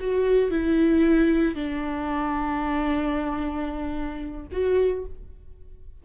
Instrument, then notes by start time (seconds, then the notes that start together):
viola
0.00 F#4
0.51 E4
1.55 D4
4.52 F#4